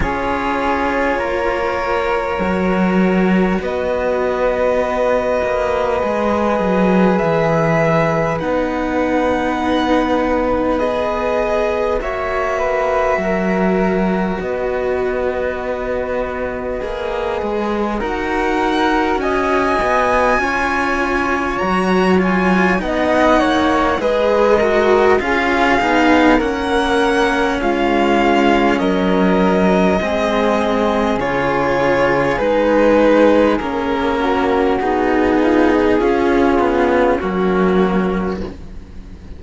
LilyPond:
<<
  \new Staff \with { instrumentName = "violin" } { \time 4/4 \tempo 4 = 50 cis''2. dis''4~ | dis''2 e''4 fis''4~ | fis''4 dis''4 e''2 | dis''2. fis''4 |
gis''2 ais''8 gis''8 fis''4 | dis''4 f''4 fis''4 f''4 | dis''2 cis''4 b'4 | ais'4 gis'2 fis'4 | }
  \new Staff \with { instrumentName = "flute" } { \time 4/4 gis'4 ais'2 b'4~ | b'1~ | b'2 cis''8 b'8 ais'4 | b'2. ais'4 |
dis''4 cis''2 dis''8 cis''8 | b'8 ais'8 gis'4 ais'4 f'4 | ais'4 gis'2.~ | gis'8 fis'4 f'16 dis'16 f'4 cis'4 | }
  \new Staff \with { instrumentName = "cello" } { \time 4/4 f'2 fis'2~ | fis'4 gis'2 dis'4~ | dis'4 gis'4 fis'2~ | fis'2 gis'4 fis'4~ |
fis'4 f'4 fis'8 f'8 dis'4 | gis'8 fis'8 f'8 dis'8 cis'2~ | cis'4 c'4 f'4 dis'4 | cis'4 dis'4 cis'8 b8 ais4 | }
  \new Staff \with { instrumentName = "cello" } { \time 4/4 cis'4 ais4 fis4 b4~ | b8 ais8 gis8 fis8 e4 b4~ | b2 ais4 fis4 | b2 ais8 gis8 dis'4 |
cis'8 b8 cis'4 fis4 b8 ais8 | gis4 cis'8 b8 ais4 gis4 | fis4 gis4 cis4 gis4 | ais4 b4 cis'4 fis4 | }
>>